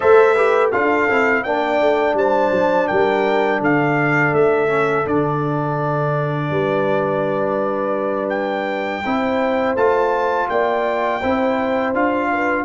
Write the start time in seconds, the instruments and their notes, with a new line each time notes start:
0.00 tuba A3, trombone A4, horn C5, trumpet E5
0.34 trombone G4, horn B4
0.71 tuba D4, trombone F4, horn A4, trumpet F5
1.09 tuba C4, trombone E4
1.43 tuba A#3, trombone D4, horn D5, trumpet G5
1.81 tuba A3
2.14 tuba G3, horn C5, trumpet A5
2.51 tuba F#3
2.87 tuba G3, horn A#4, trumpet G5
3.60 tuba D3, horn A4, trumpet F5
4.33 tuba A3, trumpet E5
4.69 trombone C#4
5.05 tuba D3, trombone D4, trumpet D5
6.50 tuba G3, horn B4
8.29 trumpet G5
9.05 tuba C4, trombone E4, horn C5
9.75 tuba A3, trombone F4, trumpet A5
10.49 tuba A#3, horn D5, trumpet G5
11.19 tuba C4, trombone E4, horn C5
11.93 tuba D4, trombone F4, trumpet F5
12.32 horn B4